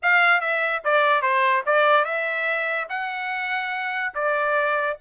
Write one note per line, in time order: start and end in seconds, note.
0.02 0.40 F5
0.40 0.82 E5
0.84 1.22 D5
1.22 1.63 C5
1.66 2.05 D5
2.05 2.87 E5
2.89 4.13 F#5
4.14 4.97 D5